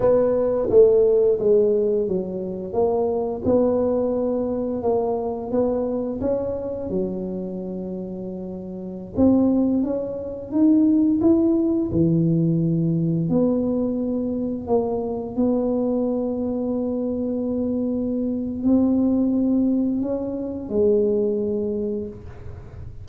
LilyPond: \new Staff \with { instrumentName = "tuba" } { \time 4/4 \tempo 4 = 87 b4 a4 gis4 fis4 | ais4 b2 ais4 | b4 cis'4 fis2~ | fis4~ fis16 c'4 cis'4 dis'8.~ |
dis'16 e'4 e2 b8.~ | b4~ b16 ais4 b4.~ b16~ | b2. c'4~ | c'4 cis'4 gis2 | }